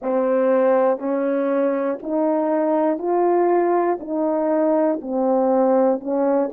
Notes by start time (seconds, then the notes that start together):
0.02 C4
0.98 C#4
2.02 D#4
2.98 F4
4.00 D#4
5.01 C4
6.00 C#4